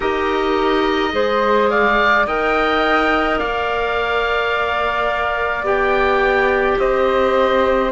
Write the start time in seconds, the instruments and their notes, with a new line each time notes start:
0.00 cello D#4, clarinet G4, flute A#4, oboe D#5
1.11 cello G#3, clarinet G#4, flute C5
1.70 flute D5, oboe F5
2.26 cello D#4, clarinet A#4, flute D#5, oboe G5
3.38 cello A#3, flute D5, oboe F5
5.62 cello B3, clarinet G4, oboe G5
6.79 cello C4, flute C5, oboe D#5